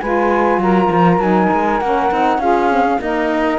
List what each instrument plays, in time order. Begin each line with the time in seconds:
0.00 cello G#3, saxophone F4 B4, flute G#5
0.58 cello F#3, saxophone A#4, flute A#5
0.92 cello F3
1.18 cello F#3, saxophone D#4, flute G#5
1.53 cello G#3
1.81 cello A#3, saxophone C#4, flute F#5
2.12 cello C4, saxophone D#4
2.39 cello C#4, saxophone F4 G#4, flute F5
2.71 saxophone C4
2.85 saxophone C#4
2.97 saxophone A#3, cello D#4, flute D#5
3.04 saxophone A#4